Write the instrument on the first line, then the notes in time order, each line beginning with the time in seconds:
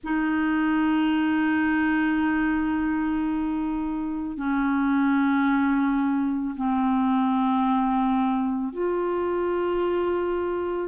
clarinet
0.03 D#4
4.37 C#4
6.56 C4
8.73 F4